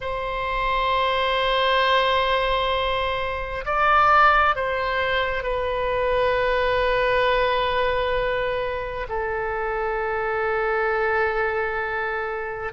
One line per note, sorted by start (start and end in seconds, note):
0.00 3.64 C5
3.65 4.55 D5
4.55 5.43 C5
5.43 9.07 B4
9.09 12.72 A4